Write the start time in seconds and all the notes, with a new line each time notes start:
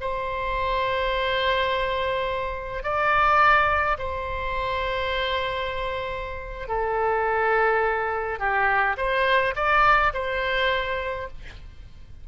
0.00 C5
2.83 D5
3.98 C5
6.68 A4
8.39 G4
8.97 C5
9.55 D5
10.13 C5